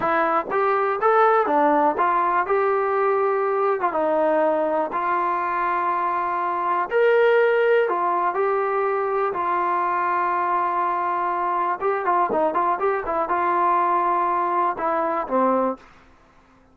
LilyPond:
\new Staff \with { instrumentName = "trombone" } { \time 4/4 \tempo 4 = 122 e'4 g'4 a'4 d'4 | f'4 g'2~ g'8. f'16 | dis'2 f'2~ | f'2 ais'2 |
f'4 g'2 f'4~ | f'1 | g'8 f'8 dis'8 f'8 g'8 e'8 f'4~ | f'2 e'4 c'4 | }